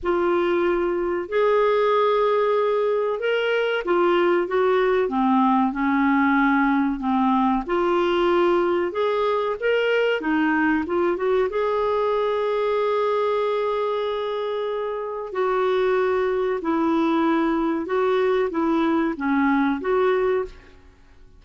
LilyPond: \new Staff \with { instrumentName = "clarinet" } { \time 4/4 \tempo 4 = 94 f'2 gis'2~ | gis'4 ais'4 f'4 fis'4 | c'4 cis'2 c'4 | f'2 gis'4 ais'4 |
dis'4 f'8 fis'8 gis'2~ | gis'1 | fis'2 e'2 | fis'4 e'4 cis'4 fis'4 | }